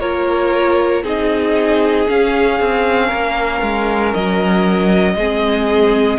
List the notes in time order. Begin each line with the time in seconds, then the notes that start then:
0.00 A#3 F4 A#4 C#5
1.04 C4 D#4 G#4 D#5
2.07 C#4 F5
2.60 C4
3.08 A#3 A#4
3.62 G#3
4.14 F#3 D#5
5.15 G#3 C4 G#4